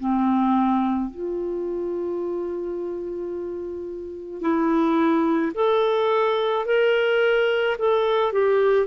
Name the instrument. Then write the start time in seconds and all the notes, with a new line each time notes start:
clarinet
0.00 C4
1.11 F4
4.41 E4
5.55 A4
6.66 A#4
7.79 A4
8.33 G4